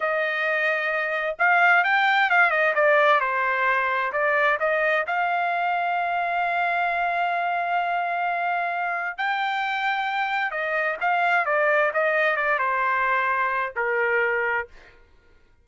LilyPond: \new Staff \with { instrumentName = "trumpet" } { \time 4/4 \tempo 4 = 131 dis''2. f''4 | g''4 f''8 dis''8 d''4 c''4~ | c''4 d''4 dis''4 f''4~ | f''1~ |
f''1 | g''2. dis''4 | f''4 d''4 dis''4 d''8 c''8~ | c''2 ais'2 | }